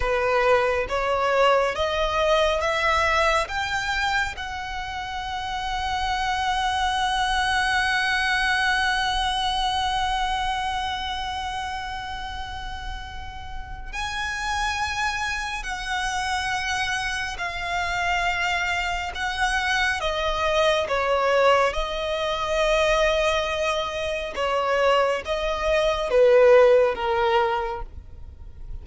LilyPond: \new Staff \with { instrumentName = "violin" } { \time 4/4 \tempo 4 = 69 b'4 cis''4 dis''4 e''4 | g''4 fis''2.~ | fis''1~ | fis''1 |
gis''2 fis''2 | f''2 fis''4 dis''4 | cis''4 dis''2. | cis''4 dis''4 b'4 ais'4 | }